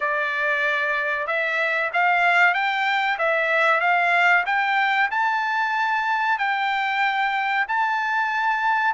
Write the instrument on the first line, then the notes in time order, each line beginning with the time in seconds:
trumpet
0.00 D5
1.26 E5
1.93 F5
2.54 G5
3.18 E5
3.80 F5
4.45 G5
5.10 A5
6.38 G5
7.68 A5